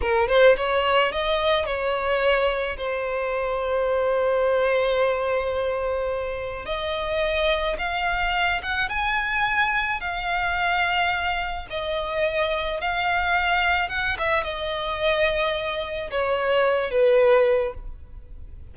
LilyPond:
\new Staff \with { instrumentName = "violin" } { \time 4/4 \tempo 4 = 108 ais'8 c''8 cis''4 dis''4 cis''4~ | cis''4 c''2.~ | c''1 | dis''2 f''4. fis''8 |
gis''2 f''2~ | f''4 dis''2 f''4~ | f''4 fis''8 e''8 dis''2~ | dis''4 cis''4. b'4. | }